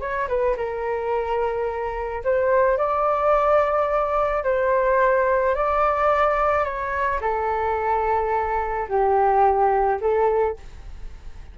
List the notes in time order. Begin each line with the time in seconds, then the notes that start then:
0.00 C#5
0.28 B4
0.56 A#4
2.24 C5
2.77 D5
4.44 C5
5.55 D5
6.64 C#5
7.21 A4
8.89 G4
10.01 A4